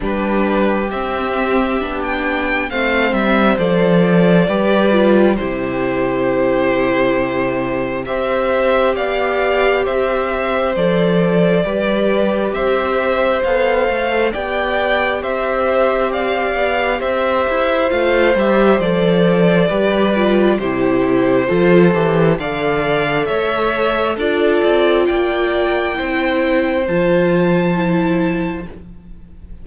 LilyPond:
<<
  \new Staff \with { instrumentName = "violin" } { \time 4/4 \tempo 4 = 67 b'4 e''4~ e''16 g''8. f''8 e''8 | d''2 c''2~ | c''4 e''4 f''4 e''4 | d''2 e''4 f''4 |
g''4 e''4 f''4 e''4 | f''8 e''8 d''2 c''4~ | c''4 f''4 e''4 d''4 | g''2 a''2 | }
  \new Staff \with { instrumentName = "violin" } { \time 4/4 g'2. c''4~ | c''4 b'4 g'2~ | g'4 c''4 d''4 c''4~ | c''4 b'4 c''2 |
d''4 c''4 d''4 c''4~ | c''2 b'4 g'4 | a'4 d''4 cis''4 a'4 | d''4 c''2. | }
  \new Staff \with { instrumentName = "viola" } { \time 4/4 d'4 c'4 d'4 c'4 | a'4 g'8 f'8 e'2~ | e'4 g'2. | a'4 g'2 a'4 |
g'1 | f'8 g'8 a'4 g'8 f'8 e'4 | f'8 g'8 a'2 f'4~ | f'4 e'4 f'4 e'4 | }
  \new Staff \with { instrumentName = "cello" } { \time 4/4 g4 c'4 b4 a8 g8 | f4 g4 c2~ | c4 c'4 b4 c'4 | f4 g4 c'4 b8 a8 |
b4 c'4. b8 c'8 e'8 | a8 g8 f4 g4 c4 | f8 e8 d4 a4 d'8 c'8 | ais4 c'4 f2 | }
>>